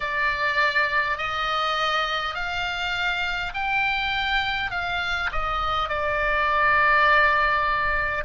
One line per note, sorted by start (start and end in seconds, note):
0.00 1.17 D5
1.17 2.35 D#5
2.35 3.52 F5
3.53 4.71 G5
4.71 5.29 F5
5.32 5.88 D#5
5.88 8.24 D5